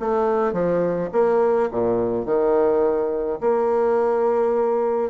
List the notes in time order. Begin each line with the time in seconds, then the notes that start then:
0.00 A3
0.53 F3
1.12 A#3
1.71 A#2
2.26 D#3
3.41 A#3